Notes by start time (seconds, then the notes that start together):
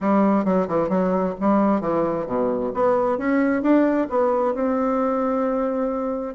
0.01 G3
0.44 F#3
0.68 E3
0.89 F#3
1.40 G3
1.81 E3
2.26 B2
2.74 B3
3.18 C#4
3.62 D4
4.09 B3
4.54 C4